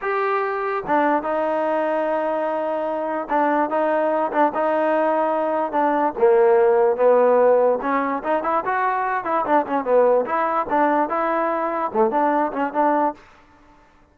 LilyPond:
\new Staff \with { instrumentName = "trombone" } { \time 4/4 \tempo 4 = 146 g'2 d'4 dis'4~ | dis'1 | d'4 dis'4. d'8 dis'4~ | dis'2 d'4 ais4~ |
ais4 b2 cis'4 | dis'8 e'8 fis'4. e'8 d'8 cis'8 | b4 e'4 d'4 e'4~ | e'4 a8 d'4 cis'8 d'4 | }